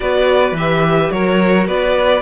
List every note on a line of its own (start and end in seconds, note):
0.00 0.52 B3
0.00 0.55 F#4
0.00 1.12 B4
0.00 0.56 D5
0.52 1.08 E3
0.52 1.13 G4
0.52 1.11 E5
1.11 1.67 F#3
1.11 2.21 F#4
1.11 1.67 A#4
1.11 1.67 C#5
1.67 2.21 B3
1.67 2.21 B4
1.67 2.21 D5